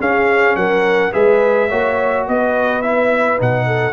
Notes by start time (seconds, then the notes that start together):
0.00 C#4 G#4 F5
0.56 F#3 A#4 F#5
1.12 G#3 G#4 B4 E5
1.69 A#3 F#4 C#5
2.28 B3 B4 D#5
2.82 E4 E5
3.38 B2 D#4 F#5
3.67 A4